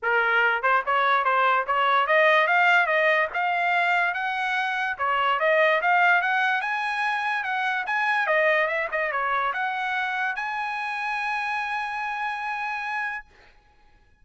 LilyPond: \new Staff \with { instrumentName = "trumpet" } { \time 4/4 \tempo 4 = 145 ais'4. c''8 cis''4 c''4 | cis''4 dis''4 f''4 dis''4 | f''2 fis''2 | cis''4 dis''4 f''4 fis''4 |
gis''2 fis''4 gis''4 | dis''4 e''8 dis''8 cis''4 fis''4~ | fis''4 gis''2.~ | gis''1 | }